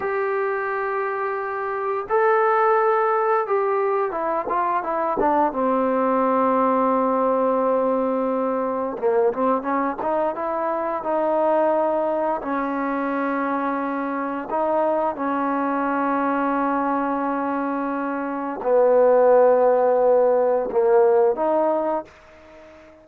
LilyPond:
\new Staff \with { instrumentName = "trombone" } { \time 4/4 \tempo 4 = 87 g'2. a'4~ | a'4 g'4 e'8 f'8 e'8 d'8 | c'1~ | c'4 ais8 c'8 cis'8 dis'8 e'4 |
dis'2 cis'2~ | cis'4 dis'4 cis'2~ | cis'2. b4~ | b2 ais4 dis'4 | }